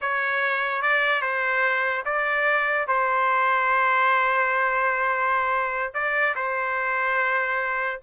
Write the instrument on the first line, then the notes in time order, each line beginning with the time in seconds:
trumpet
0.01 C#5
0.82 D5
1.21 C5
2.05 D5
2.87 C5
5.93 D5
6.35 C5